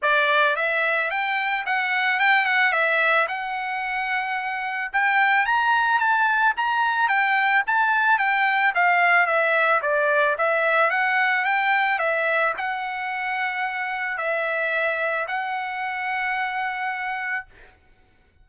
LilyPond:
\new Staff \with { instrumentName = "trumpet" } { \time 4/4 \tempo 4 = 110 d''4 e''4 g''4 fis''4 | g''8 fis''8 e''4 fis''2~ | fis''4 g''4 ais''4 a''4 | ais''4 g''4 a''4 g''4 |
f''4 e''4 d''4 e''4 | fis''4 g''4 e''4 fis''4~ | fis''2 e''2 | fis''1 | }